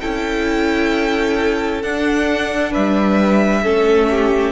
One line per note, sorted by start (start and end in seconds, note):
0.00 1.83 C#4
0.00 1.84 E4
0.00 2.71 A4
0.00 1.82 G5
1.82 2.74 D4
1.82 3.64 D4
1.82 2.73 F#5
2.71 3.65 G3
2.71 3.62 B4
2.71 4.52 E5
3.63 4.52 A3
3.63 4.52 C#4
3.63 4.09 A4
4.10 4.52 G4